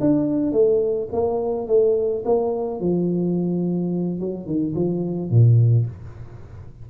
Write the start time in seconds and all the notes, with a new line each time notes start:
0.00 D4
0.52 A3
1.12 A#3
1.67 A3
2.25 A#3
2.80 F3
4.20 F#3
4.46 D#3
4.75 F3
5.30 A#2